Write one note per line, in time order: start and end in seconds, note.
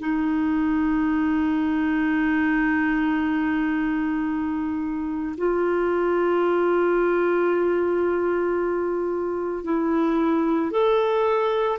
0.00 5.36 D#4
5.37 9.64 F4
9.64 10.71 E4
10.71 11.79 A4